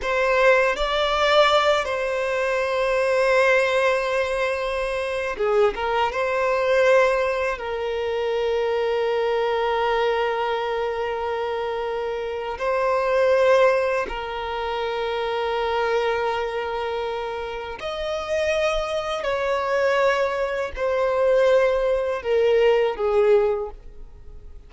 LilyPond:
\new Staff \with { instrumentName = "violin" } { \time 4/4 \tempo 4 = 81 c''4 d''4. c''4.~ | c''2.~ c''16 gis'8 ais'16~ | ais'16 c''2 ais'4.~ ais'16~ | ais'1~ |
ais'4 c''2 ais'4~ | ais'1 | dis''2 cis''2 | c''2 ais'4 gis'4 | }